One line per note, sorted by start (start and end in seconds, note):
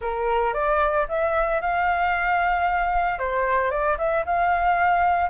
0.01 0.53 A#4
0.53 1.06 D5
1.08 1.61 E5
1.61 3.18 F5
3.18 3.70 C5
3.70 3.97 D5
3.98 4.24 E5
4.25 5.29 F5